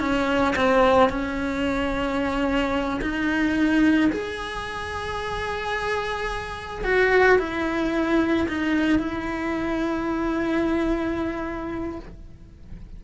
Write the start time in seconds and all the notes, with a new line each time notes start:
0.00 C#4
0.56 C4
1.10 C#4
3.02 D#4
4.12 G#4
6.84 F#4
7.39 E4
8.48 D#4
8.99 E4